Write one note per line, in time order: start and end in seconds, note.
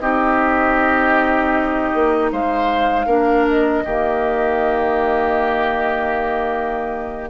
0.00 1.93 C4
0.00 3.08 D#4
0.00 2.32 G4
0.00 2.31 D#5
1.94 2.32 A#3
2.32 3.06 G#3
2.32 3.06 C5
2.32 3.48 F5
3.06 3.83 A#3
3.06 3.85 D4
3.06 3.83 A#4
3.48 7.29 D#5
3.85 7.29 D#3
3.85 7.29 A#3
3.85 7.29 G4